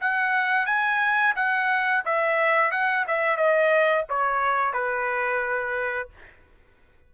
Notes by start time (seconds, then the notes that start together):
0.00 F#5
0.66 G#5
1.35 F#5
2.05 E5
2.71 F#5
3.07 E5
3.36 D#5
4.09 C#5
4.73 B4